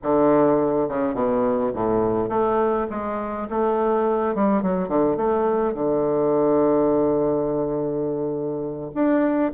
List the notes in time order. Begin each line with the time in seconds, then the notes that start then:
0.03 D3
0.89 C#3
1.14 B2
1.74 A2
2.29 A3
2.90 G#3
3.50 A3
4.34 G3
4.62 F#3
4.88 D3
5.16 A3
5.74 D3
8.94 D4